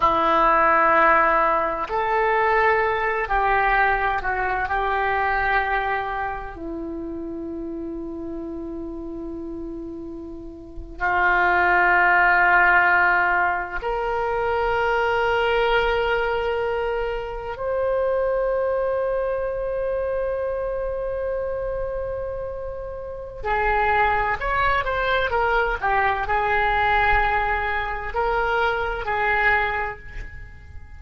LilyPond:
\new Staff \with { instrumentName = "oboe" } { \time 4/4 \tempo 4 = 64 e'2 a'4. g'8~ | g'8 fis'8 g'2 e'4~ | e'2.~ e'8. f'16~ | f'2~ f'8. ais'4~ ais'16~ |
ais'2~ ais'8. c''4~ c''16~ | c''1~ | c''4 gis'4 cis''8 c''8 ais'8 g'8 | gis'2 ais'4 gis'4 | }